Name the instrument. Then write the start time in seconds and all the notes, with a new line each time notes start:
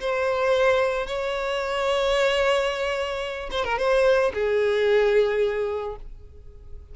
violin
0.00 C5
1.06 C#5
3.51 C5
3.64 A#4
3.78 C5
4.33 G#4